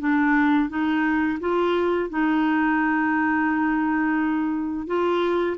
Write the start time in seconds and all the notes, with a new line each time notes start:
0.00 D4
0.70 D#4
1.40 F4
2.10 D#4
4.87 F4